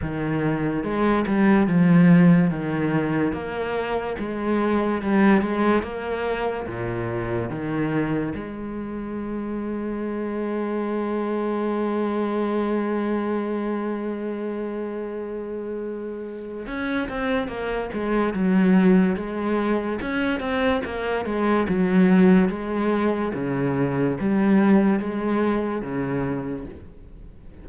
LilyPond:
\new Staff \with { instrumentName = "cello" } { \time 4/4 \tempo 4 = 72 dis4 gis8 g8 f4 dis4 | ais4 gis4 g8 gis8 ais4 | ais,4 dis4 gis2~ | gis1~ |
gis1 | cis'8 c'8 ais8 gis8 fis4 gis4 | cis'8 c'8 ais8 gis8 fis4 gis4 | cis4 g4 gis4 cis4 | }